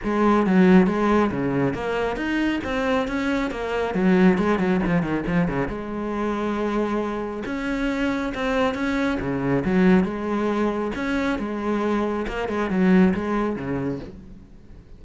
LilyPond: \new Staff \with { instrumentName = "cello" } { \time 4/4 \tempo 4 = 137 gis4 fis4 gis4 cis4 | ais4 dis'4 c'4 cis'4 | ais4 fis4 gis8 fis8 f8 dis8 | f8 cis8 gis2.~ |
gis4 cis'2 c'4 | cis'4 cis4 fis4 gis4~ | gis4 cis'4 gis2 | ais8 gis8 fis4 gis4 cis4 | }